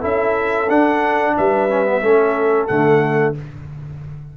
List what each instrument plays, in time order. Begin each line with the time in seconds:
0.00 tuba C#4, trombone E4, horn A4, trumpet E5
0.70 tuba D4, trombone D4, trumpet F#5
1.38 tuba G3, horn B4, trumpet E5
1.70 trombone C#4
1.86 trombone B3
2.02 tuba A3, trombone C#4, horn A4
2.68 tuba D3, trombone A3, trumpet F#5